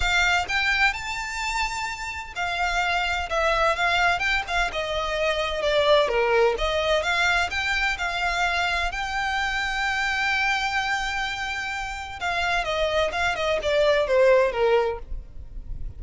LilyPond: \new Staff \with { instrumentName = "violin" } { \time 4/4 \tempo 4 = 128 f''4 g''4 a''2~ | a''4 f''2 e''4 | f''4 g''8 f''8 dis''2 | d''4 ais'4 dis''4 f''4 |
g''4 f''2 g''4~ | g''1~ | g''2 f''4 dis''4 | f''8 dis''8 d''4 c''4 ais'4 | }